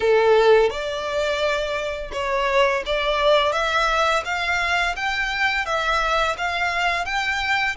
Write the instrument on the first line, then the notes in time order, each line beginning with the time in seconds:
violin
0.00 A4
0.70 D5
2.12 C#5
2.86 D5
3.52 E5
4.24 F5
4.96 G5
5.65 E5
6.37 F5
7.05 G5